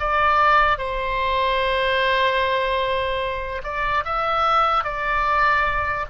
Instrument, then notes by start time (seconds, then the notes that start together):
oboe
0.00 D5
0.78 C5
3.64 D5
4.05 E5
4.84 D5